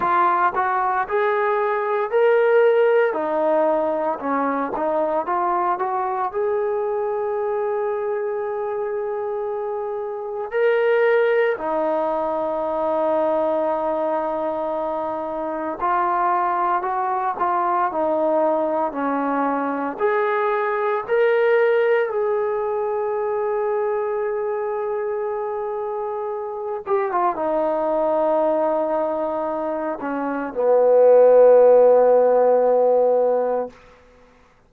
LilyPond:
\new Staff \with { instrumentName = "trombone" } { \time 4/4 \tempo 4 = 57 f'8 fis'8 gis'4 ais'4 dis'4 | cis'8 dis'8 f'8 fis'8 gis'2~ | gis'2 ais'4 dis'4~ | dis'2. f'4 |
fis'8 f'8 dis'4 cis'4 gis'4 | ais'4 gis'2.~ | gis'4. g'16 f'16 dis'2~ | dis'8 cis'8 b2. | }